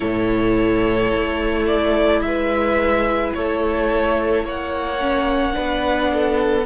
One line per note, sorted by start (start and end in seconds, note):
0.00 1.12 A2
0.00 4.97 E4
0.00 2.20 A4
0.00 1.66 C#5
1.13 2.21 A3
1.66 2.21 D5
2.21 3.32 G#3
2.21 3.36 B4
2.21 3.32 E5
3.34 4.44 A3
3.34 4.44 A4
3.34 4.45 C#5
4.44 5.55 A#3
4.44 5.55 C#5
4.44 6.66 F#5
5.00 5.53 C#4
5.53 6.66 B3
5.53 6.64 D4
5.53 6.11 B4
6.13 6.66 A4